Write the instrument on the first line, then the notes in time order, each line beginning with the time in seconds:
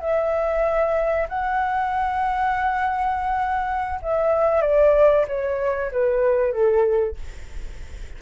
flute
0.00 E5
1.29 F#5
4.02 E5
4.62 D5
5.27 C#5
5.91 B4
6.52 A4